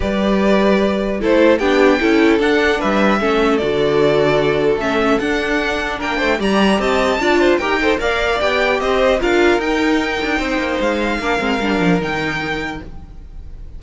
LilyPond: <<
  \new Staff \with { instrumentName = "violin" } { \time 4/4 \tempo 4 = 150 d''2. c''4 | g''2 fis''4 e''4~ | e''4 d''2. | e''4 fis''2 g''4 |
ais''4 a''2 g''4 | f''4 g''4 dis''4 f''4 | g''2. f''4~ | f''2 g''2 | }
  \new Staff \with { instrumentName = "violin" } { \time 4/4 b'2. a'4 | g'4 a'2 b'4 | a'1~ | a'2. ais'8 c''8 |
d''4 dis''4 d''8 c''8 ais'8 c''8 | d''2 c''4 ais'4~ | ais'2 c''2 | ais'1 | }
  \new Staff \with { instrumentName = "viola" } { \time 4/4 g'2. e'4 | d'4 e'4 d'2 | cis'4 fis'2. | cis'4 d'2. |
g'2 f'4 g'8 a'8 | ais'4 g'2 f'4 | dis'1 | d'8 c'8 d'4 dis'2 | }
  \new Staff \with { instrumentName = "cello" } { \time 4/4 g2. a4 | b4 cis'4 d'4 g4 | a4 d2. | a4 d'2 ais8 a8 |
g4 c'4 d'4 dis'4 | ais4 b4 c'4 d'4 | dis'4. d'8 c'8 ais8 gis4 | ais8 gis8 g8 f8 dis2 | }
>>